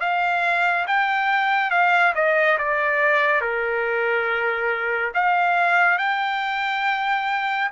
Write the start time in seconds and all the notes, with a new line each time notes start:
0.00 F5
0.87 G5
1.71 F5
2.15 D#5
2.58 D5
3.41 A#4
5.14 F5
5.98 G5